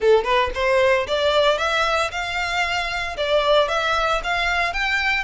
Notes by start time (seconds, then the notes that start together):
0.00 A4
0.24 B4
0.54 C5
1.07 D5
1.58 E5
2.11 F5
3.17 D5
3.68 E5
4.23 F5
4.73 G5